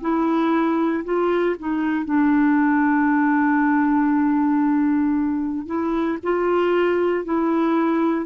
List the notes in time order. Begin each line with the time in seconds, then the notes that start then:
0.00 E4
1.03 F4
1.58 D#4
2.05 D4
5.66 E4
6.23 F4
7.24 E4